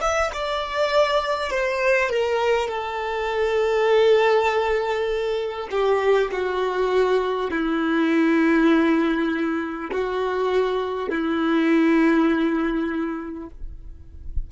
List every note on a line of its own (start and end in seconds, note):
0.00 0.30 E5
0.33 1.50 D5
1.50 2.09 C5
2.09 2.67 A#4
2.67 5.67 A4
5.70 6.30 G4
6.31 7.51 F#4
7.51 9.91 E4
9.91 11.09 F#4
11.09 13.49 E4